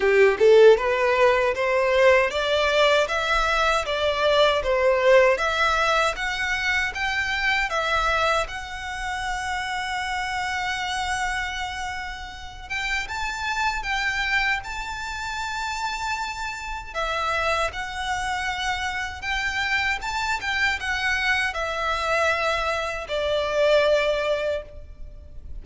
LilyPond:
\new Staff \with { instrumentName = "violin" } { \time 4/4 \tempo 4 = 78 g'8 a'8 b'4 c''4 d''4 | e''4 d''4 c''4 e''4 | fis''4 g''4 e''4 fis''4~ | fis''1~ |
fis''8 g''8 a''4 g''4 a''4~ | a''2 e''4 fis''4~ | fis''4 g''4 a''8 g''8 fis''4 | e''2 d''2 | }